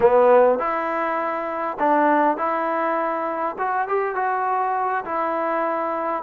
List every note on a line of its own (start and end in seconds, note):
0.00 0.58 B3
0.58 1.77 E4
1.79 2.37 D4
2.37 3.56 E4
3.58 3.87 F#4
3.87 4.15 G4
4.15 5.04 F#4
5.04 6.23 E4